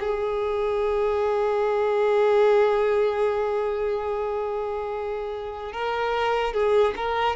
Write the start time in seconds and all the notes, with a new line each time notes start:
0.00 G#4
5.72 A#4
6.53 G#4
6.96 A#4